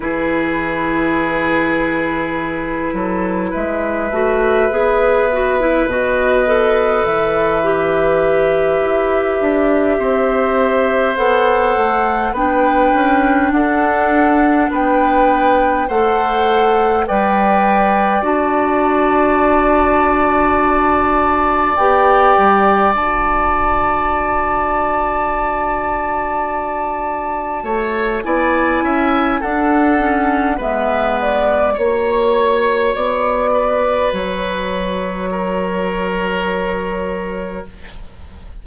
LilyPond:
<<
  \new Staff \with { instrumentName = "flute" } { \time 4/4 \tempo 4 = 51 b'2. e''4~ | e''4 dis''4 e''2~ | e''4. fis''4 g''4 fis''8~ | fis''8 g''4 fis''4 g''4 a''8~ |
a''2~ a''8 g''4 a''8~ | a''1 | gis''4 fis''4 e''8 d''8 cis''4 | d''4 cis''2. | }
  \new Staff \with { instrumentName = "oboe" } { \time 4/4 gis'2~ gis'8 a'8 b'4~ | b'1~ | b'8 c''2 b'4 a'8~ | a'8 b'4 c''4 d''4.~ |
d''1~ | d''2.~ d''8 cis''8 | d''8 e''8 a'4 b'4 cis''4~ | cis''8 b'4. ais'2 | }
  \new Staff \with { instrumentName = "clarinet" } { \time 4/4 e'2.~ e'8 fis'8 | gis'8 fis'16 e'16 fis'8 a'4 g'4.~ | g'4. a'4 d'4.~ | d'4. a'4 b'4 fis'8~ |
fis'2~ fis'8 g'4 fis'8~ | fis'1 | e'4 d'8 cis'8 b4 fis'4~ | fis'1 | }
  \new Staff \with { instrumentName = "bassoon" } { \time 4/4 e2~ e8 fis8 gis8 a8 | b4 b,4 e4. e'8 | d'8 c'4 b8 a8 b8 cis'8 d'8~ | d'8 b4 a4 g4 d'8~ |
d'2~ d'8 b8 g8 d'8~ | d'2.~ d'8 a8 | b8 cis'8 d'4 gis4 ais4 | b4 fis2. | }
>>